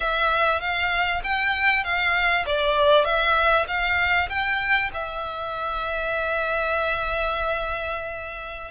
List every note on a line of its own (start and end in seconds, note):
0.00 0.60 E5
0.60 1.22 F5
1.23 1.84 G5
1.84 2.45 F5
2.46 3.04 D5
3.04 3.66 E5
3.67 4.29 F5
4.29 4.90 G5
4.93 8.71 E5